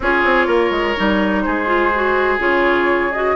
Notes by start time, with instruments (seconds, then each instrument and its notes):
0.00 bassoon C#4, clarinet F4, oboe G#4, flute C#5
0.24 bassoon C4
0.46 bassoon A#3, oboe A#4
0.70 bassoon G#3
0.96 bassoon G3, clarinet D#4
1.42 bassoon G#3, oboe G#4, flute C5
1.66 clarinet F4
1.94 clarinet F#4
2.38 bassoon C#3, clarinet F4, flute C#5
3.12 clarinet F#4, flute D#5